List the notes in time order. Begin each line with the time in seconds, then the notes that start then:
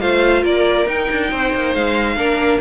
0.00 A3 F4 C5 F5
0.43 A#3 A#4 D5
0.86 D#4 G5
1.10 D4
1.30 C4 C5
1.54 A#3
1.74 G#3 F5
2.15 A#3 D4 A#4